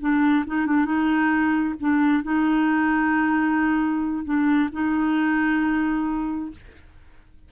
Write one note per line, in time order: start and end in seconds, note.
0.00 0.45 D4
0.47 0.66 D#4
0.66 0.85 D4
0.85 1.75 D#4
1.80 2.23 D4
2.23 4.24 D#4
4.25 4.69 D4
4.72 6.51 D#4